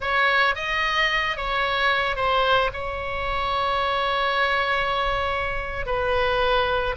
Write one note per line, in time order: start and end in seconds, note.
0.00 0.55 C#5
0.55 1.36 D#5
1.36 2.15 C#5
2.15 2.70 C5
2.73 5.86 C#5
5.86 6.95 B4